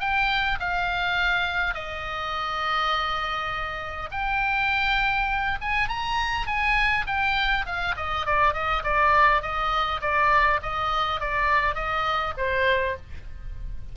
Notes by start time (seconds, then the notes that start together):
0.00 G5
0.59 F5
1.74 D#5
4.11 G5
5.61 G#5
5.88 A#5
6.47 G#5
7.07 G5
7.66 F5
7.96 D#5
8.26 D5
8.53 D#5
8.83 D5
9.42 D#5
10.01 D5
10.62 D#5
11.20 D5
11.75 D#5
12.37 C5